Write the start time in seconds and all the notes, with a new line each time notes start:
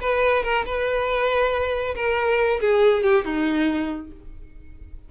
0.00 B4
0.43 A#4
0.65 B4
1.95 A#4
2.60 G#4
3.03 G4
3.25 D#4